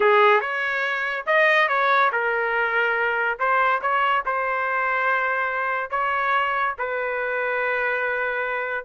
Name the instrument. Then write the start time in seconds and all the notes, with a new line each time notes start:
trumpet
0.00 G#4
0.41 C#5
1.26 D#5
1.68 C#5
2.11 A#4
3.39 C5
3.81 C#5
4.25 C5
5.90 C#5
6.78 B4